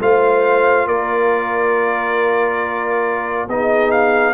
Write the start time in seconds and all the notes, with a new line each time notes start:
0.00 A3 F4 C5 F5
0.86 A#3 A#4 D5
3.48 B3 D#4 G#4 D#5
3.91 F5